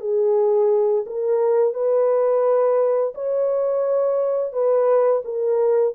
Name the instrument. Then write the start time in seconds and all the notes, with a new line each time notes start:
horn
0.00 G#4
1.06 A#4
1.74 B4
3.15 C#5
4.53 B4
5.25 A#4